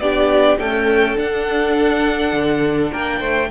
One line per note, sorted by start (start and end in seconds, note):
0.00 0.58 B3
0.00 0.60 D4
0.00 0.60 G4
0.00 0.59 D5
0.59 1.16 A3
0.59 1.18 C#4
0.59 2.92 A4
0.59 1.18 G5
1.16 3.49 D4
1.16 2.33 D4
1.16 2.93 F#5
2.33 2.92 D3
2.92 3.21 A#3
2.92 3.20 A#4
2.92 3.51 G5
3.20 3.50 A3
3.20 3.49 C5